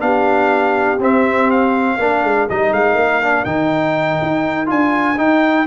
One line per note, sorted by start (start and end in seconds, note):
0.00 0.99 B3
0.00 0.98 D4
0.00 1.98 G4
0.00 0.99 F5
0.99 1.98 C4
0.99 1.99 C4
0.99 1.51 E5
1.51 2.49 F5
1.98 2.24 A#3
1.98 2.49 D4
1.98 5.67 A#4
2.24 2.48 G#3
2.50 2.72 G3
2.50 3.24 D#4
2.50 2.74 D#5
2.72 2.95 G#3
2.72 3.45 F5
2.95 3.44 A#3
3.24 3.46 D4
3.45 4.20 D#3
3.45 4.66 D#4
3.45 4.68 G5
4.22 4.71 D#4
4.66 5.18 D4
4.66 5.16 F4
4.66 5.19 G#5
5.18 5.67 D#4
5.18 5.67 G5